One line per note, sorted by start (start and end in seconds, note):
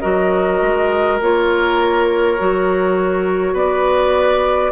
0.00 0.62 F#3
0.00 1.19 F#4
0.00 3.53 A#4
0.00 1.18 D#5
0.62 1.20 G#3
1.20 2.38 A#3
1.20 2.38 F4
1.20 3.56 C#5
2.38 3.53 F#3
2.38 4.71 F#4
3.53 4.71 B3
3.53 4.71 B4
3.53 4.71 D5